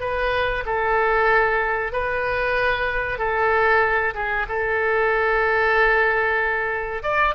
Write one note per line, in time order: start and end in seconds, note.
0.00 0.64 B4
0.66 1.92 A4
1.92 3.18 B4
3.18 4.14 A4
4.14 4.46 G#4
4.49 7.03 A4
7.03 7.35 D5